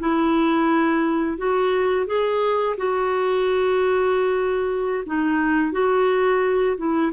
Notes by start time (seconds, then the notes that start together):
0.00 E4
1.38 F#4
2.06 G#4
2.77 F#4
5.06 D#4
5.72 F#4
6.77 E4